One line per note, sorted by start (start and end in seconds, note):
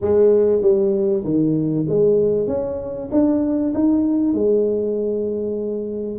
0.01 0.61 G#3
0.61 1.23 G3
1.24 1.86 D#3
1.88 2.47 G#3
2.47 3.09 C#4
3.11 3.73 D4
3.73 4.33 D#4
4.33 6.18 G#3